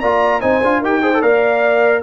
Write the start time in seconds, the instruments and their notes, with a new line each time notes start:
0.00 tuba A#3, trombone F4, horn D5, trumpet A#5
0.40 tuba C4, trombone D#4, horn C5, trumpet G#5
0.62 tuba D4, trombone F4
0.80 tuba D#4, trombone G4, horn A#4, trumpet G5
1.02 trombone G#4, horn C5
1.13 trombone A4
1.21 tuba A#3, trombone A#4, horn D5, trumpet F5